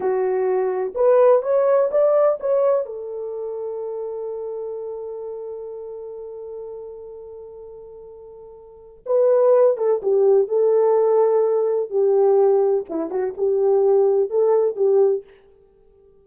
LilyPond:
\new Staff \with { instrumentName = "horn" } { \time 4/4 \tempo 4 = 126 fis'2 b'4 cis''4 | d''4 cis''4 a'2~ | a'1~ | a'1~ |
a'2. b'4~ | b'8 a'8 g'4 a'2~ | a'4 g'2 e'8 fis'8 | g'2 a'4 g'4 | }